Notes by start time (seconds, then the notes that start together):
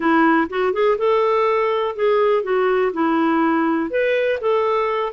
0.00 E4
0.49 F#4
0.73 G#4
0.98 A4
1.95 G#4
2.43 F#4
2.93 E4
3.90 B4
4.40 A4